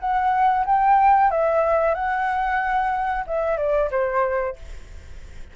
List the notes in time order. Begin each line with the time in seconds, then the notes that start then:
0.00 F#5
0.66 G5
1.31 E5
1.94 F#5
3.27 E5
3.57 D5
3.91 C5